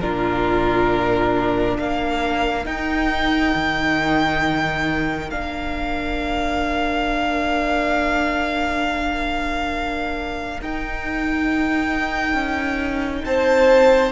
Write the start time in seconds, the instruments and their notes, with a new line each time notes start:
0.00 cello A#2, viola D4, violin F4 A#4
1.77 cello A#3, violin A#4 F5
2.64 viola D#4, cello D#4, violin G5
3.55 cello D#3
5.30 cello A#3, viola D4, violin F5
10.60 cello D#4, viola D#4, violin G5
12.33 cello C#4
13.24 cello C4, violin C5 A5